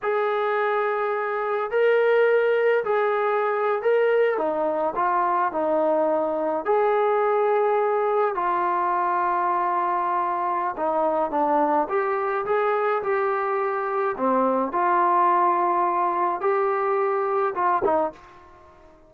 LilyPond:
\new Staff \with { instrumentName = "trombone" } { \time 4/4 \tempo 4 = 106 gis'2. ais'4~ | ais'4 gis'4.~ gis'16 ais'4 dis'16~ | dis'8. f'4 dis'2 gis'16~ | gis'2~ gis'8. f'4~ f'16~ |
f'2. dis'4 | d'4 g'4 gis'4 g'4~ | g'4 c'4 f'2~ | f'4 g'2 f'8 dis'8 | }